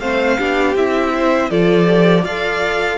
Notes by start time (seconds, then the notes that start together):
0.00 A3 C4 C5 F5
0.38 B3 D4 G4
0.75 C4 E4 E5
1.15 C5
1.50 F3 F4 A4 D5
1.86 G4
2.23 F4 A4 D5 F5